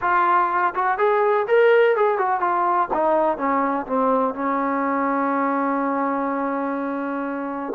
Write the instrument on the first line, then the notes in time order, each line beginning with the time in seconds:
trombone
0.01 F4
0.75 F#4
0.98 G#4
1.47 A#4
1.96 G#4
2.18 F#4
2.40 F4
2.93 D#4
3.37 C#4
3.86 C4
4.34 C#4